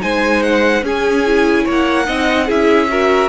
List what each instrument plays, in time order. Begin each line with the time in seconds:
0.00 cello G#3, viola D#4, violin C5 G#5
0.43 violin F#5
0.83 cello C#4, viola C#4, violin G#4 G#5
1.26 viola E4
1.65 cello A#3, violin C#5
1.72 violin F#5
2.06 cello C4, viola D#4, violin D#5
2.46 cello C#4, viola E4, violin G#4 E5
2.89 viola F#4, violin A#4